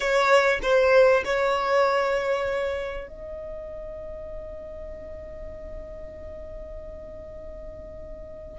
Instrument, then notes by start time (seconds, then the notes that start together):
violin
0.00 C#5
0.62 C5
1.24 C#5
3.08 D#5